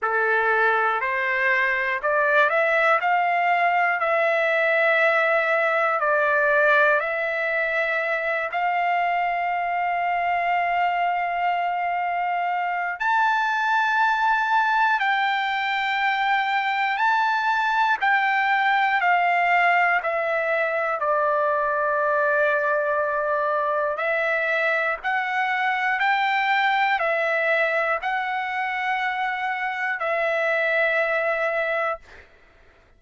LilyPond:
\new Staff \with { instrumentName = "trumpet" } { \time 4/4 \tempo 4 = 60 a'4 c''4 d''8 e''8 f''4 | e''2 d''4 e''4~ | e''8 f''2.~ f''8~ | f''4 a''2 g''4~ |
g''4 a''4 g''4 f''4 | e''4 d''2. | e''4 fis''4 g''4 e''4 | fis''2 e''2 | }